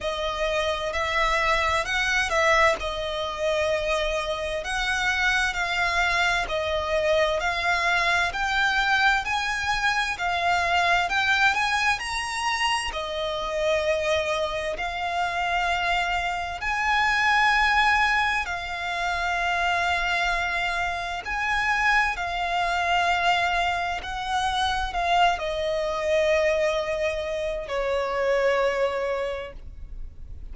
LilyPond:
\new Staff \with { instrumentName = "violin" } { \time 4/4 \tempo 4 = 65 dis''4 e''4 fis''8 e''8 dis''4~ | dis''4 fis''4 f''4 dis''4 | f''4 g''4 gis''4 f''4 | g''8 gis''8 ais''4 dis''2 |
f''2 gis''2 | f''2. gis''4 | f''2 fis''4 f''8 dis''8~ | dis''2 cis''2 | }